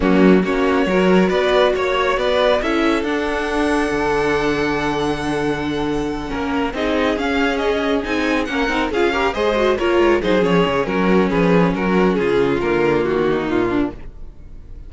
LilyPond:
<<
  \new Staff \with { instrumentName = "violin" } { \time 4/4 \tempo 4 = 138 fis'4 cis''2 d''4 | cis''4 d''4 e''4 fis''4~ | fis''1~ | fis''2.~ fis''8 dis''8~ |
dis''8 f''4 dis''4 gis''4 fis''8~ | fis''8 f''4 dis''4 cis''4 c''8 | cis''4 ais'4 b'4 ais'4 | gis'4 ais'4 fis'4 f'4 | }
  \new Staff \with { instrumentName = "violin" } { \time 4/4 cis'4 fis'4 ais'4 b'4 | cis''4 b'4 a'2~ | a'1~ | a'2~ a'8 ais'4 gis'8~ |
gis'2.~ gis'8 ais'8~ | ais'8 gis'8 ais'8 c''4 ais'4 gis'8~ | gis'4 fis'4 gis'4 fis'4 | f'2~ f'8 dis'4 d'8 | }
  \new Staff \with { instrumentName = "viola" } { \time 4/4 ais4 cis'4 fis'2~ | fis'2 e'4 d'4~ | d'1~ | d'2~ d'8 cis'4 dis'8~ |
dis'8 cis'2 dis'4 cis'8 | dis'8 f'8 g'8 gis'8 fis'8 f'4 dis'8 | cis'1~ | cis'4 ais2. | }
  \new Staff \with { instrumentName = "cello" } { \time 4/4 fis4 ais4 fis4 b4 | ais4 b4 cis'4 d'4~ | d'4 d2.~ | d2~ d8 ais4 c'8~ |
c'8 cis'2 c'4 ais8 | c'8 cis'4 gis4 ais8 gis8 fis8 | f8 cis8 fis4 f4 fis4 | cis4 d4 dis4 ais,4 | }
>>